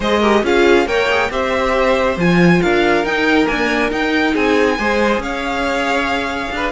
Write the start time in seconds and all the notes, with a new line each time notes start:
0.00 G#3 G#4 C5 D#5
0.19 G4 A#4
0.43 C#4 F4 G#4 F5
0.86 A#3 A#4 C#5 G5
1.10 G#4
1.30 C4 G4 C5 E5
2.17 F3 F4 G#5
2.61 D4 A#4 F5
3.04 D#4 G5
3.45 A#3 D4 G#5
3.91 D#4 G5
4.33 C4 G#4 G#5
4.78 G#3 G#4 C5
5.18 C#4 C#5 F5
6.50 D4 B4